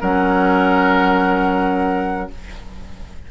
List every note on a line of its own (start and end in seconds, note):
0.00 2.31 F#3
0.00 2.30 C#4
0.00 2.29 A#4
0.00 2.30 F#5